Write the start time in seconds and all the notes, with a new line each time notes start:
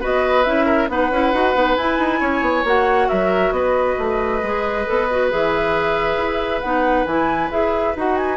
0.00 B3 F#4 B4 D#5
0.44 C#4 E4 E5
0.65 A#4
0.88 B3 D#4 B4 F#5
1.10 C#4 E4
1.33 D#4 F#4
1.54 B3 D#4
1.76 E4 G#5
1.98 D#4
2.20 C#4 C#5
2.41 B3
2.64 A#3 F#4 F#5
3.08 F#3 A#4 E5
3.51 B3 B4 D#5
3.98 A3
4.42 G#3 G#4
4.86 B3 A4
5.10 F#4
5.30 E3 G#4 E5
6.17 E4
6.60 B3 D#4 F#5
7.05 E3 E4 G#5
7.50 E4 G#4 E5
7.96 D#4 F#4 F#5
8.17 G#5